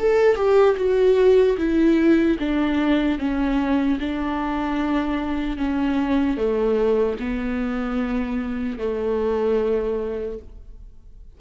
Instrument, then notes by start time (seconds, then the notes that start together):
viola
0.00 A4
0.36 G4
0.77 F#4
1.58 E4
2.40 D4
3.19 C#4
4.00 D4
5.57 C#4
6.37 A3
7.20 B3
8.79 A3